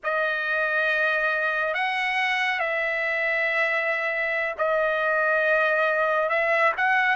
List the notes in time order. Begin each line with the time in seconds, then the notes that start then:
0.03 D#5
1.74 F#5
2.59 E5
4.58 D#5
6.28 E5
6.77 F#5